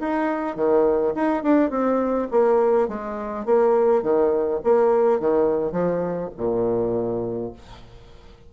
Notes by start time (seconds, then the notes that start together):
0.00 D#4
0.56 D#3
1.15 D#4
1.43 D4
1.70 C4
2.31 A#3
2.88 G#3
3.46 A#3
4.03 D#3
4.64 A#3
5.20 D#3
5.72 F3
6.37 A#2